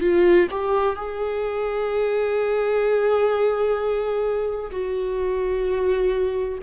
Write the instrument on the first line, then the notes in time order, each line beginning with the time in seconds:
viola
0.00 F4
0.51 G4
0.95 G#4
4.71 F#4